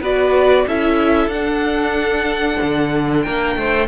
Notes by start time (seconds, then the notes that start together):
0.00 B3 F#4 B4 D5
0.67 C#4 E4 A4 E5
1.27 D4 F#5
2.62 D3
3.22 A#3 A#4 G5
3.55 A3 C5